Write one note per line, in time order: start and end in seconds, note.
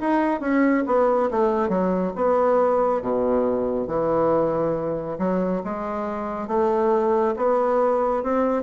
0.00 0.41 D#4
0.41 0.84 C#4
0.87 1.30 B3
1.31 1.69 A3
1.69 2.12 F#3
2.16 3.02 B3
3.02 3.87 B2
3.87 5.17 E3
5.19 5.62 F#3
5.64 6.48 G#3
6.48 7.35 A3
7.37 8.23 B3
8.23 8.63 C4